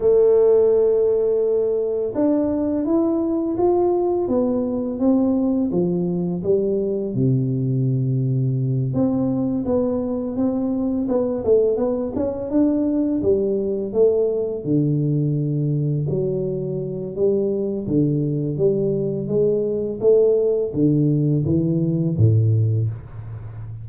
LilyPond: \new Staff \with { instrumentName = "tuba" } { \time 4/4 \tempo 4 = 84 a2. d'4 | e'4 f'4 b4 c'4 | f4 g4 c2~ | c8 c'4 b4 c'4 b8 |
a8 b8 cis'8 d'4 g4 a8~ | a8 d2 fis4. | g4 d4 g4 gis4 | a4 d4 e4 a,4 | }